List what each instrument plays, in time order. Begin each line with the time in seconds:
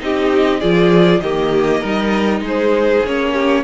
0.00 cello C4, viola D#4, violin G4 D#5
0.60 cello F3, viola F4, violin G#4 D5
1.20 cello D#3, viola A#3, violin G4 D#5
1.80 cello G3, viola D#4, violin A#4
2.40 cello G#3, violin G#4
2.47 violin C5
3.06 cello A#3, viola C#4, violin C#5
3.32 violin G4